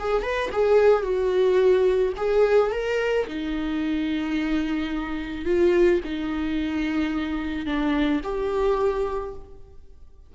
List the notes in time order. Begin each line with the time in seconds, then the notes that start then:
0.00 G#4
0.23 B4
0.52 G#4
1.03 F#4
2.17 G#4
2.72 A#4
3.28 D#4
5.46 F4
6.05 D#4
7.66 D4
8.24 G4